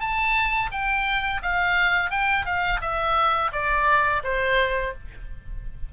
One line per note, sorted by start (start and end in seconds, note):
0.00 0.70 A5
0.71 1.41 G5
1.42 2.11 F5
2.11 2.45 G5
2.45 2.80 F5
2.81 3.51 E5
3.53 4.22 D5
4.23 4.93 C5